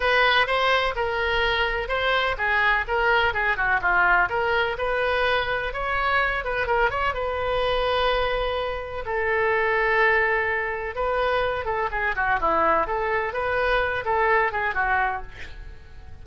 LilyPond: \new Staff \with { instrumentName = "oboe" } { \time 4/4 \tempo 4 = 126 b'4 c''4 ais'2 | c''4 gis'4 ais'4 gis'8 fis'8 | f'4 ais'4 b'2 | cis''4. b'8 ais'8 cis''8 b'4~ |
b'2. a'4~ | a'2. b'4~ | b'8 a'8 gis'8 fis'8 e'4 a'4 | b'4. a'4 gis'8 fis'4 | }